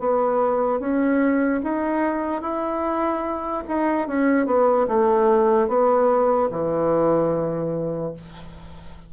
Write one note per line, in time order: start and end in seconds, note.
0.00 0.80 B3
0.80 1.61 C#4
1.63 2.42 D#4
2.42 3.63 E4
3.68 4.08 D#4
4.08 4.46 C#4
4.46 4.87 B3
4.88 5.68 A3
5.68 6.49 B3
6.51 8.13 E3